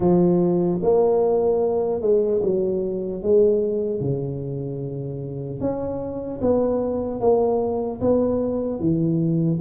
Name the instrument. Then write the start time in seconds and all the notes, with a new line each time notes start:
tuba
0.00 F3
0.82 A#3
2.01 G#3
2.42 F#3
3.22 G#3
4.00 C#3
5.60 C#4
6.41 B3
7.20 A#3
8.00 B3
8.79 E3